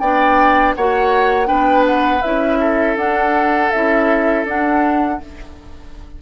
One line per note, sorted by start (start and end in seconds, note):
0.00 0.75 B3
0.00 0.77 D4
0.00 0.75 D5
0.00 0.74 G5
0.75 1.50 A#3
0.75 1.46 F#4
0.75 1.48 C#5
0.75 1.48 F#5
1.46 2.24 B3
1.46 2.20 D4
1.46 2.59 B4
1.46 1.85 G5
1.87 2.22 F#5
2.22 2.97 C#4
2.22 2.98 E4
2.22 2.96 E5
2.60 5.20 A4
2.97 3.71 D4
2.97 3.72 D4
2.97 3.71 F#5
3.71 4.45 C#4
3.71 4.46 E4
3.71 4.45 E5
4.45 5.19 D4
4.45 5.21 D4
4.45 5.22 F#5